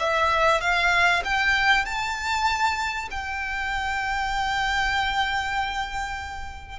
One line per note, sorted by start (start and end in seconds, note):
0.00 0.61 E5
0.61 1.23 F5
1.25 1.85 G5
1.85 3.09 A5
3.11 6.80 G5